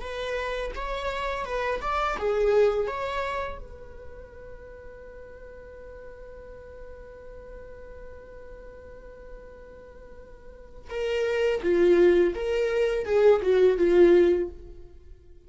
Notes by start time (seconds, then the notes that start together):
0.00 B4
0.75 C#5
1.45 B4
1.81 D5
2.18 G#4
2.87 C#5
3.58 B4
10.90 A#4
11.62 F4
12.34 A#4
13.05 G#4
13.42 F#4
13.77 F4